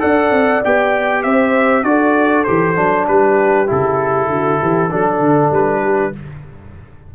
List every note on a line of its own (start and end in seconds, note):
0.00 0.31 D4
0.00 0.61 A4
0.00 1.24 D5
0.00 0.63 F#5
0.31 0.62 C4
0.65 1.25 B3
0.65 1.85 G4
0.65 1.23 G5
1.23 1.84 C4
1.23 1.87 C5
1.23 1.84 E5
1.84 2.45 D4
1.84 2.46 F#4
1.84 3.10 A4
1.84 2.45 D5
2.45 2.78 E3
2.45 2.76 G4
2.45 3.06 C5
2.76 3.08 F#3
2.76 3.67 D4
3.08 3.69 G3
3.08 4.31 G4
3.08 3.69 B4
3.67 4.28 C#3
3.67 4.90 E4
3.67 5.54 A4
4.28 4.58 D3
4.28 4.61 F#4
4.61 4.92 E3
4.61 4.90 G4
4.90 5.20 F#3
4.90 6.13 D4
4.90 5.82 A4
5.20 5.51 D3
5.51 6.13 G3
5.51 6.15 B4
5.84 6.14 G4